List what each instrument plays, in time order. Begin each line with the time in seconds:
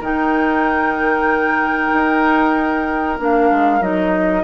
0.00 bassoon D#3, clarinet D#4, oboe A#4, flute G5
1.93 bassoon D#4
3.18 bassoon A#3, clarinet D4, flute F5
3.51 bassoon G#3
3.80 bassoon F#3, clarinet D#4, flute D#5